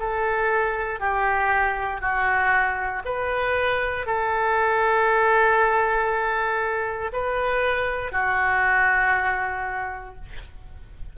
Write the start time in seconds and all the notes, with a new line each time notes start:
0.00 A4
1.00 G4
2.01 F#4
3.06 B4
4.07 A4
7.13 B4
8.12 F#4